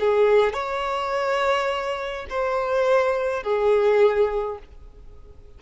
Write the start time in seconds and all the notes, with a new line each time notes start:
0.00 G#4
0.53 C#5
2.30 C5
3.44 G#4